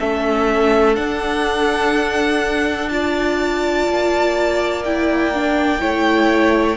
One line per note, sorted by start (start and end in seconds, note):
0.00 0.98 A3
0.00 0.96 C#4
0.00 2.90 A4
0.00 0.96 E5
0.96 2.89 D4
0.96 3.88 D4
0.96 2.89 F#5
2.89 4.84 F4
2.89 5.81 D5
2.89 4.82 A5
3.88 5.82 A#3
4.85 5.34 E4
4.85 6.77 G5
5.34 5.79 D4
5.79 6.77 A3
5.79 6.76 E4
5.79 6.77 C#5